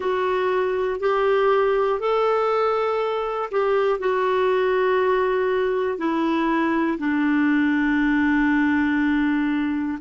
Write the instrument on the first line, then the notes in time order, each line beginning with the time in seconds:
clarinet
0.00 F#4
1.00 G4
2.00 A4
3.51 G4
3.99 F#4
5.97 E4
6.98 D4